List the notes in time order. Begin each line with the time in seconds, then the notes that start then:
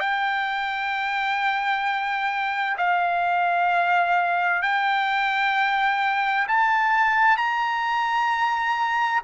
0.00 G5
2.78 F5
4.62 G5
6.48 A5
7.37 A#5